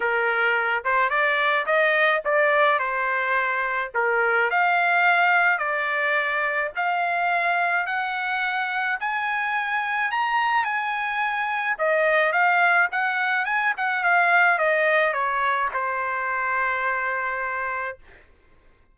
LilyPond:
\new Staff \with { instrumentName = "trumpet" } { \time 4/4 \tempo 4 = 107 ais'4. c''8 d''4 dis''4 | d''4 c''2 ais'4 | f''2 d''2 | f''2 fis''2 |
gis''2 ais''4 gis''4~ | gis''4 dis''4 f''4 fis''4 | gis''8 fis''8 f''4 dis''4 cis''4 | c''1 | }